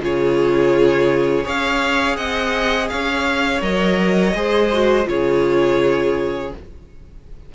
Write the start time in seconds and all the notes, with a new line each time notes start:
0.00 C#3 F4 G#4 C#5
1.43 C#4 G#4 C#5 F5
2.16 C4 D#5 F#5
2.89 C#4 C#5 F5
3.61 F#3 A#4 D#5
4.34 G#3 G#4 C5
4.72 F#4
5.04 C#3 F4 G#4 C#5